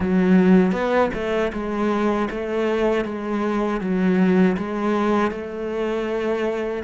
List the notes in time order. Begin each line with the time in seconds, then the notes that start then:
0.00 F#3
0.72 B3
1.14 A3
1.52 G#3
2.30 A3
3.04 G#3
3.80 F#3
4.57 G#3
5.31 A3